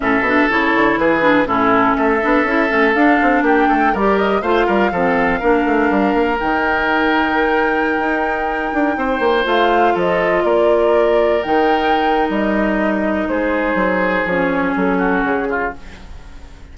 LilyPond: <<
  \new Staff \with { instrumentName = "flute" } { \time 4/4 \tempo 4 = 122 e''4 cis''4 b'4 a'4 | e''2 f''4 g''4 | d''8 dis''8 f''2.~ | f''4 g''2.~ |
g''2.~ g''16 f''8.~ | f''16 dis''4 d''2 g''8.~ | g''4 dis''2 c''4~ | c''4 cis''4 a'4 gis'4 | }
  \new Staff \with { instrumentName = "oboe" } { \time 4/4 a'2 gis'4 e'4 | a'2. g'8 a'8 | ais'4 c''8 ais'8 a'4 ais'4~ | ais'1~ |
ais'2~ ais'16 c''4.~ c''16~ | c''16 a'4 ais'2~ ais'8.~ | ais'2. gis'4~ | gis'2~ gis'8 fis'4 f'8 | }
  \new Staff \with { instrumentName = "clarinet" } { \time 4/4 cis'8 d'8 e'4. d'8 cis'4~ | cis'8 d'8 e'8 cis'8 d'2 | g'4 f'4 c'4 d'4~ | d'4 dis'2.~ |
dis'2.~ dis'16 f'8.~ | f'2.~ f'16 dis'8.~ | dis'1~ | dis'4 cis'2. | }
  \new Staff \with { instrumentName = "bassoon" } { \time 4/4 a,8 b,8 cis8 d8 e4 a,4 | a8 b8 cis'8 a8 d'8 c'8 ais8 a8 | g4 a8 g8 f4 ais8 a8 | g8 ais8 dis2.~ |
dis16 dis'4. d'8 c'8 ais8 a8.~ | a16 f4 ais2 dis8.~ | dis4 g2 gis4 | fis4 f4 fis4 cis4 | }
>>